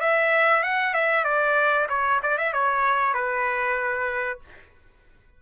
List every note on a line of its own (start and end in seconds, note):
0.00 0.63 E5
0.63 0.94 F#5
0.94 1.24 E5
1.24 1.87 D5
1.89 2.20 C#5
2.22 2.38 D5
2.38 2.53 E5
2.53 3.13 C#5
3.13 4.40 B4